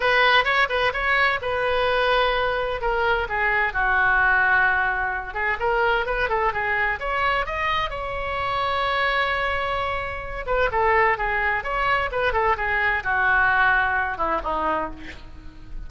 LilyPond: \new Staff \with { instrumentName = "oboe" } { \time 4/4 \tempo 4 = 129 b'4 cis''8 b'8 cis''4 b'4~ | b'2 ais'4 gis'4 | fis'2.~ fis'8 gis'8 | ais'4 b'8 a'8 gis'4 cis''4 |
dis''4 cis''2.~ | cis''2~ cis''8 b'8 a'4 | gis'4 cis''4 b'8 a'8 gis'4 | fis'2~ fis'8 e'8 dis'4 | }